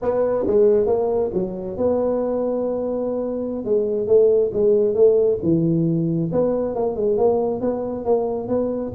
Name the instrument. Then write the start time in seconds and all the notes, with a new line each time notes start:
tuba
0.02 B3
0.46 G#3
0.86 A#3
1.33 F#3
1.77 B3
3.64 G#3
4.07 A3
4.53 G#3
4.94 A3
5.42 E3
6.31 B3
6.75 A#3
6.96 G#3
7.17 A#3
7.60 B3
8.04 A#3
8.48 B3